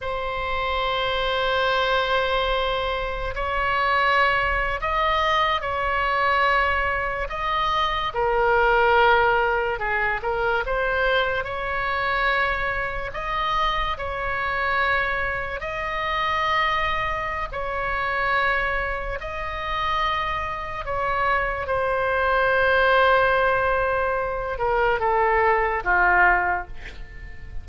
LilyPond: \new Staff \with { instrumentName = "oboe" } { \time 4/4 \tempo 4 = 72 c''1 | cis''4.~ cis''16 dis''4 cis''4~ cis''16~ | cis''8. dis''4 ais'2 gis'16~ | gis'16 ais'8 c''4 cis''2 dis''16~ |
dis''8. cis''2 dis''4~ dis''16~ | dis''4 cis''2 dis''4~ | dis''4 cis''4 c''2~ | c''4. ais'8 a'4 f'4 | }